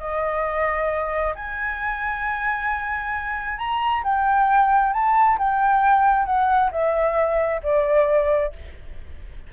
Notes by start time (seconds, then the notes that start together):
0.00 D#5
1.36 G#5
3.59 A#5
4.04 G5
4.94 A5
5.39 G5
6.26 F#5
6.72 E5
7.63 D5